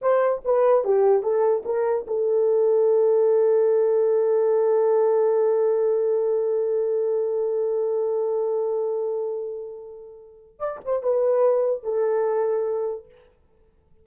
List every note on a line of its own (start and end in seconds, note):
0.01 0.42 C5
0.45 0.84 B4
0.84 1.22 G4
1.22 1.63 A4
1.65 2.06 A#4
2.07 10.59 A4
10.59 10.79 D5
10.84 11.02 C5
11.02 11.83 B4
11.83 13.05 A4